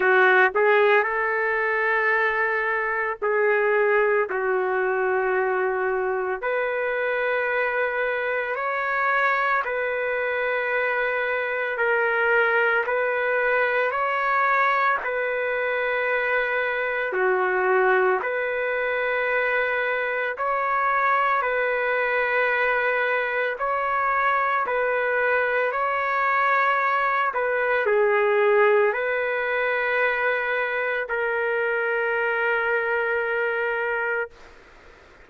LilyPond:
\new Staff \with { instrumentName = "trumpet" } { \time 4/4 \tempo 4 = 56 fis'8 gis'8 a'2 gis'4 | fis'2 b'2 | cis''4 b'2 ais'4 | b'4 cis''4 b'2 |
fis'4 b'2 cis''4 | b'2 cis''4 b'4 | cis''4. b'8 gis'4 b'4~ | b'4 ais'2. | }